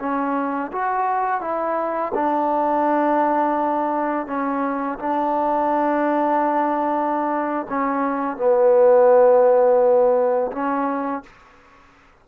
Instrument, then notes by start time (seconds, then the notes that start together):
trombone
0.00 C#4
0.72 F#4
1.41 E4
2.15 D4
4.27 C#4
4.99 D4
7.69 C#4
8.37 B3
10.52 C#4